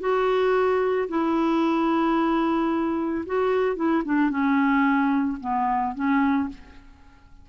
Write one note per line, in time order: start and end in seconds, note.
0.00 1.08 F#4
1.09 3.25 E4
3.26 3.76 F#4
3.76 4.03 E4
4.05 4.30 D4
4.30 5.38 C#4
5.41 5.95 B3
5.95 6.49 C#4